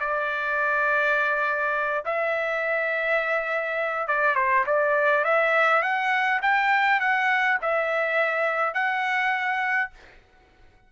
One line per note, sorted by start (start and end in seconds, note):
0.00 2.04 D5
2.05 4.07 E5
4.07 4.35 D5
4.35 4.64 C5
4.66 5.24 D5
5.24 5.82 E5
5.82 6.40 F#5
6.42 7.00 G5
7.00 7.58 F#5
7.62 8.74 E5
8.74 9.90 F#5